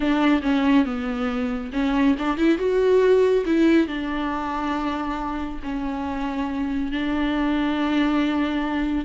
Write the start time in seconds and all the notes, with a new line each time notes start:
0.00 D4
0.42 C#4
0.85 B3
1.72 C#4
2.18 D4
2.37 E4
2.58 F#4
3.45 E4
3.87 D4
5.63 C#4
6.91 D4